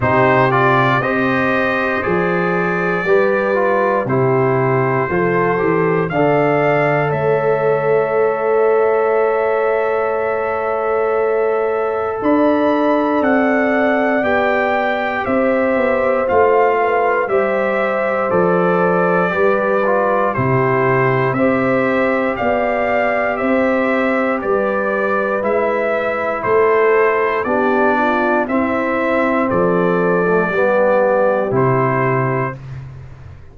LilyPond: <<
  \new Staff \with { instrumentName = "trumpet" } { \time 4/4 \tempo 4 = 59 c''8 d''8 dis''4 d''2 | c''2 f''4 e''4~ | e''1 | b''4 fis''4 g''4 e''4 |
f''4 e''4 d''2 | c''4 e''4 f''4 e''4 | d''4 e''4 c''4 d''4 | e''4 d''2 c''4 | }
  \new Staff \with { instrumentName = "horn" } { \time 4/4 g'4 c''2 b'4 | g'4 a'4 d''4 cis''4~ | cis''1 | d''2. c''4~ |
c''8 b'8 c''2 b'4 | g'4 c''4 d''4 c''4 | b'2 a'4 g'8 f'8 | e'4 a'4 g'2 | }
  \new Staff \with { instrumentName = "trombone" } { \time 4/4 dis'8 f'8 g'4 gis'4 g'8 f'8 | e'4 f'8 g'8 a'2~ | a'1~ | a'2 g'2 |
f'4 g'4 a'4 g'8 f'8 | e'4 g'2.~ | g'4 e'2 d'4 | c'4.~ c'16 a16 b4 e'4 | }
  \new Staff \with { instrumentName = "tuba" } { \time 4/4 c4 c'4 f4 g4 | c4 f8 e8 d4 a4~ | a1 | d'4 c'4 b4 c'8 b8 |
a4 g4 f4 g4 | c4 c'4 b4 c'4 | g4 gis4 a4 b4 | c'4 f4 g4 c4 | }
>>